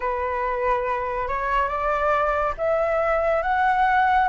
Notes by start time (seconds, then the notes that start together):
0.00 B4
1.28 C#5
1.68 D5
2.57 E5
3.42 F#5